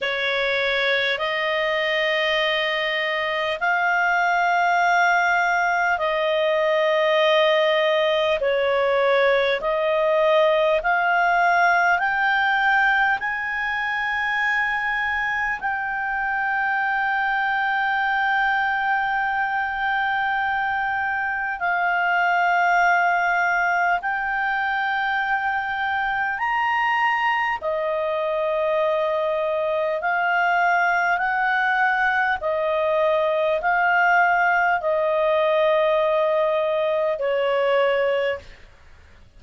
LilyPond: \new Staff \with { instrumentName = "clarinet" } { \time 4/4 \tempo 4 = 50 cis''4 dis''2 f''4~ | f''4 dis''2 cis''4 | dis''4 f''4 g''4 gis''4~ | gis''4 g''2.~ |
g''2 f''2 | g''2 ais''4 dis''4~ | dis''4 f''4 fis''4 dis''4 | f''4 dis''2 cis''4 | }